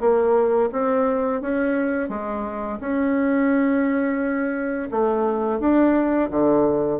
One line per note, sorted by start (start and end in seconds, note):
0.00 0.70 A#3
0.72 1.41 C4
1.41 2.09 C#4
2.09 2.79 G#3
2.80 4.89 C#4
4.91 5.60 A3
5.60 6.29 D4
6.30 7.00 D3